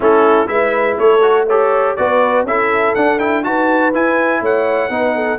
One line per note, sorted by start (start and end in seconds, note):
0.00 0.47 A3
0.00 0.46 C#4
0.00 0.48 E4
0.00 0.48 A4
0.46 0.97 G#3
0.46 1.20 E4
0.46 0.97 B4
0.46 0.97 E5
0.98 1.96 A3
0.98 1.47 A4
0.98 1.47 C#5
1.22 1.46 F#4
1.47 1.97 G4
1.47 1.96 A4
1.47 1.96 C#5
1.96 2.43 B3
1.96 2.46 F#4
1.96 2.46 B4
1.96 2.45 D5
2.43 2.93 C#4
2.43 2.96 E4
2.43 3.44 A4
2.43 2.94 E5
2.94 3.45 D4
2.94 3.19 D4
2.94 3.18 F#5
3.18 3.43 E4
3.18 3.43 G5
3.43 3.93 D#4
3.43 3.92 F#4
3.43 4.41 B4
3.43 3.93 A5
3.93 4.90 E4
3.93 4.41 E4
3.93 4.43 G#5
4.41 4.89 A3
4.41 4.90 C#5
4.41 5.39 F#5
4.89 5.39 B3
4.89 5.39 D#4
4.89 5.15 B4
5.15 5.39 A4